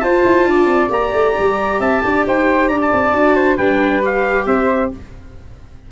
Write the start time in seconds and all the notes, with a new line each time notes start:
0.00 F4 C5 A5
0.25 E4
0.45 D4 D5
0.66 C4
0.89 A#3 G4 A#5
1.12 A3
1.39 G3
1.79 C4 E5 A5
2.04 D4 D5
2.26 D#4 C5 G5
2.68 D4 D5 A#5
2.81 A5
2.93 C4
3.13 D4 F#4
3.35 C5
3.56 G3 D4 B4 G5
4.02 G4 F5
4.46 C4 C5 E5